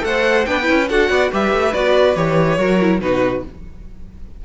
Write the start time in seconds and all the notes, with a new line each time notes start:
0.00 A3 A4 C5 F#5
0.45 B3 D4 B4 G5
0.63 E4
0.69 C#4
0.89 D4 F#4 A4 F#5
1.09 B3 D5
1.31 G3 G4 B4 E5
1.52 A3
1.73 B3 F#4 D5
2.15 E3 G4 C#5
2.57 F#3 F#4 A#4
2.80 E4
3.00 B2 D#4 F#4 B4